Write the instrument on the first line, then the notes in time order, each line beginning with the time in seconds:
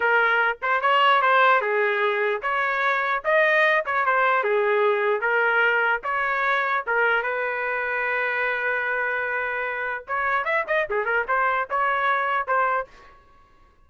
trumpet
0.00 A#4
0.62 C5
0.81 C#5
1.21 C5
1.61 G#4
2.42 C#5
3.24 D#5
3.85 C#5
4.05 C5
4.43 G#4
5.20 A#4
6.03 C#5
6.87 A#4
7.22 B4
10.07 C#5
10.44 E5
10.67 D#5
10.90 G#4
11.05 A#4
11.28 C5
11.70 C#5
12.47 C5